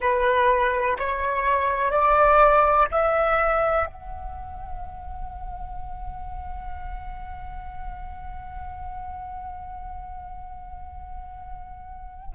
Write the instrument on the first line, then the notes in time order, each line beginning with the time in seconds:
flute
0.00 B4
0.99 C#5
1.91 D5
2.91 E5
3.86 F#5